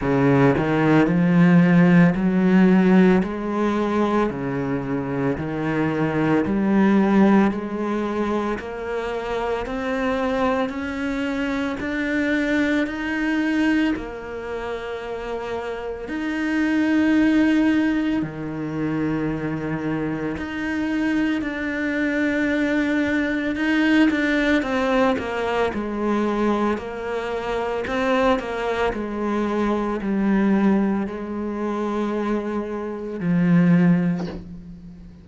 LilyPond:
\new Staff \with { instrumentName = "cello" } { \time 4/4 \tempo 4 = 56 cis8 dis8 f4 fis4 gis4 | cis4 dis4 g4 gis4 | ais4 c'4 cis'4 d'4 | dis'4 ais2 dis'4~ |
dis'4 dis2 dis'4 | d'2 dis'8 d'8 c'8 ais8 | gis4 ais4 c'8 ais8 gis4 | g4 gis2 f4 | }